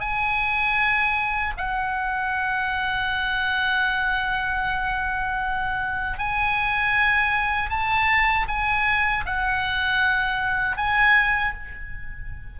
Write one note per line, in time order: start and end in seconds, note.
0.00 1.54 G#5
1.57 6.19 F#5
6.19 7.70 G#5
7.70 8.47 A5
8.48 9.25 G#5
9.26 10.77 F#5
10.77 11.53 G#5